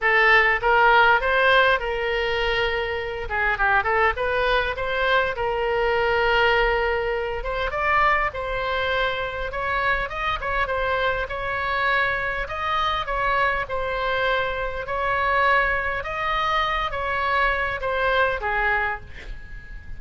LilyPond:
\new Staff \with { instrumentName = "oboe" } { \time 4/4 \tempo 4 = 101 a'4 ais'4 c''4 ais'4~ | ais'4. gis'8 g'8 a'8 b'4 | c''4 ais'2.~ | ais'8 c''8 d''4 c''2 |
cis''4 dis''8 cis''8 c''4 cis''4~ | cis''4 dis''4 cis''4 c''4~ | c''4 cis''2 dis''4~ | dis''8 cis''4. c''4 gis'4 | }